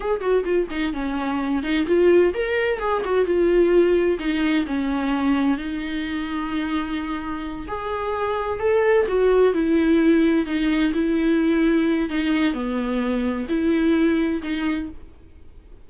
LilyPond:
\new Staff \with { instrumentName = "viola" } { \time 4/4 \tempo 4 = 129 gis'8 fis'8 f'8 dis'8 cis'4. dis'8 | f'4 ais'4 gis'8 fis'8 f'4~ | f'4 dis'4 cis'2 | dis'1~ |
dis'8 gis'2 a'4 fis'8~ | fis'8 e'2 dis'4 e'8~ | e'2 dis'4 b4~ | b4 e'2 dis'4 | }